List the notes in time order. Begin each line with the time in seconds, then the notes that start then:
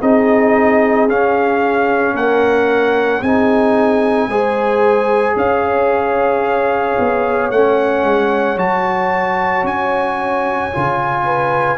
0.00 C4 D#4 G#4 D#5
1.08 C#4 F5
2.14 A#3 A#4 F#5
3.21 C4 D#4 G#4 G#5
4.27 G#3 G#4 C5
5.36 C#4 C#5 F5
6.99 B3
7.50 A3 C#4 F#5
8.04 G#3
8.56 F#3 F#4 A5
9.63 C#4 G#5
10.72 C#3 F4
11.25 B4